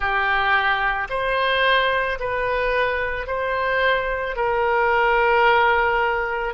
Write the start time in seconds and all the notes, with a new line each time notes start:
0.00 G4
1.09 C5
2.19 B4
3.26 C5
4.35 A#4